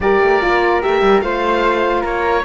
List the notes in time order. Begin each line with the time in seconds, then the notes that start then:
0.00 G3 G4 A#4 D5
0.21 A3
0.41 A#3 F4
0.81 A3 G4 E5
1.01 G3
1.21 A3 F4 C5 F5
2.01 A#3 A#4 C#5